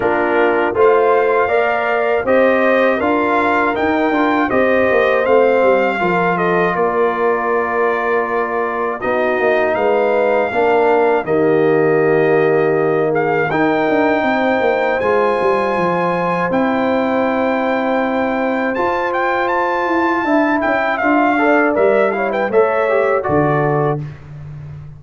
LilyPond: <<
  \new Staff \with { instrumentName = "trumpet" } { \time 4/4 \tempo 4 = 80 ais'4 f''2 dis''4 | f''4 g''4 dis''4 f''4~ | f''8 dis''8 d''2. | dis''4 f''2 dis''4~ |
dis''4. f''8 g''2 | gis''2 g''2~ | g''4 a''8 g''8 a''4. g''8 | f''4 e''8 f''16 g''16 e''4 d''4 | }
  \new Staff \with { instrumentName = "horn" } { \time 4/4 f'4 c''4 d''4 c''4 | ais'2 c''2 | ais'8 a'8 ais'2. | fis'4 b'4 ais'4 g'4~ |
g'4. gis'8 ais'4 c''4~ | c''1~ | c''2. e''4~ | e''8 d''4 cis''16 b'16 cis''4 a'4 | }
  \new Staff \with { instrumentName = "trombone" } { \time 4/4 d'4 f'4 ais'4 g'4 | f'4 dis'8 f'8 g'4 c'4 | f'1 | dis'2 d'4 ais4~ |
ais2 dis'2 | f'2 e'2~ | e'4 f'2 e'4 | f'8 a'8 ais'8 e'8 a'8 g'8 fis'4 | }
  \new Staff \with { instrumentName = "tuba" } { \time 4/4 ais4 a4 ais4 c'4 | d'4 dis'8 d'8 c'8 ais8 a8 g8 | f4 ais2. | b8 ais8 gis4 ais4 dis4~ |
dis2 dis'8 d'8 c'8 ais8 | gis8 g8 f4 c'2~ | c'4 f'4. e'8 d'8 cis'8 | d'4 g4 a4 d4 | }
>>